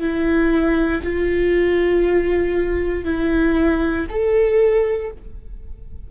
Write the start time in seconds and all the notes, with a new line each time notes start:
0.00 E4
1.03 F4
3.05 E4
4.09 A4